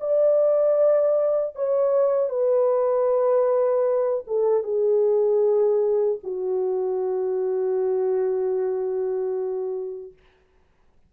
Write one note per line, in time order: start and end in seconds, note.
0.00 1.55 D5
1.55 2.29 C#5
2.29 4.24 B4
4.27 4.63 A4
4.63 6.19 G#4
6.23 10.13 F#4